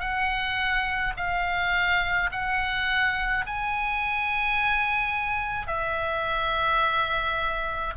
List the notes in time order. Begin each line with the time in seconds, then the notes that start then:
0.00 F#5
1.17 F5
2.32 F#5
3.46 G#5
5.67 E5